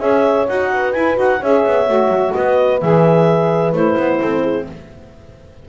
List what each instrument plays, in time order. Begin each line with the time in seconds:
0.00 double bass C#4, saxophone G#4, horn C#5, clarinet E5
0.47 double bass D#4, saxophone F#4, clarinet F#5
0.73 horn B4
0.93 saxophone E4, double bass E4, clarinet G#5
1.15 double bass D#4, saxophone F#4, clarinet F#5
1.40 double bass C#4, saxophone G#4, horn C#5, clarinet E5
1.65 double bass B3
1.86 double bass A3, saxophone F#4
2.08 double bass F#3
2.33 double bass B3, horn B4, clarinet D#5
2.80 double bass E3, saxophone G#4, clarinet E5
3.72 double bass A3, saxophone E4, clarinet C5
3.96 double bass B3
4.20 double bass C4, horn A4
4.43 horn G#4